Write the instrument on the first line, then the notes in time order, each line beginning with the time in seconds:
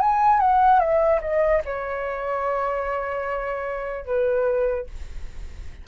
flute
0.00 G#5
0.39 F#5
0.79 E5
1.21 D#5
1.65 C#5
4.05 B4